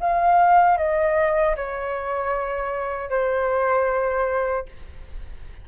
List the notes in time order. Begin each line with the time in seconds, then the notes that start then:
0.00 F5
0.77 D#5
1.56 C#5
3.10 C5